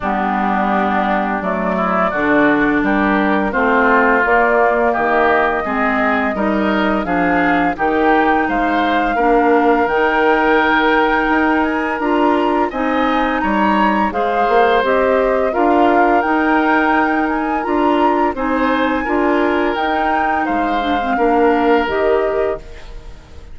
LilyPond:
<<
  \new Staff \with { instrumentName = "flute" } { \time 4/4 \tempo 4 = 85 g'2 d''2 | ais'4 c''4 d''4 dis''4~ | dis''2 f''4 g''4 | f''2 g''2~ |
g''8 gis''8 ais''4 gis''4 ais''4 | f''4 dis''4 f''4 g''4~ | g''8 gis''8 ais''4 gis''2 | g''4 f''2 dis''4 | }
  \new Staff \with { instrumentName = "oboe" } { \time 4/4 d'2~ d'8 e'8 fis'4 | g'4 f'2 g'4 | gis'4 ais'4 gis'4 g'4 | c''4 ais'2.~ |
ais'2 dis''4 cis''4 | c''2 ais'2~ | ais'2 c''4 ais'4~ | ais'4 c''4 ais'2 | }
  \new Staff \with { instrumentName = "clarinet" } { \time 4/4 b2 a4 d'4~ | d'4 c'4 ais2 | c'4 dis'4 d'4 dis'4~ | dis'4 d'4 dis'2~ |
dis'4 f'4 dis'2 | gis'4 g'4 f'4 dis'4~ | dis'4 f'4 dis'4 f'4 | dis'4. d'16 c'16 d'4 g'4 | }
  \new Staff \with { instrumentName = "bassoon" } { \time 4/4 g2 fis4 d4 | g4 a4 ais4 dis4 | gis4 g4 f4 dis4 | gis4 ais4 dis2 |
dis'4 d'4 c'4 g4 | gis8 ais8 c'4 d'4 dis'4~ | dis'4 d'4 c'4 d'4 | dis'4 gis4 ais4 dis4 | }
>>